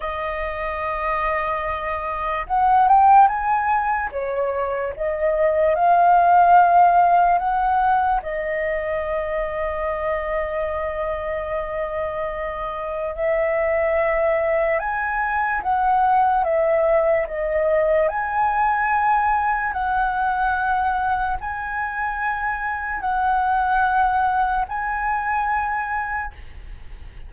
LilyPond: \new Staff \with { instrumentName = "flute" } { \time 4/4 \tempo 4 = 73 dis''2. fis''8 g''8 | gis''4 cis''4 dis''4 f''4~ | f''4 fis''4 dis''2~ | dis''1 |
e''2 gis''4 fis''4 | e''4 dis''4 gis''2 | fis''2 gis''2 | fis''2 gis''2 | }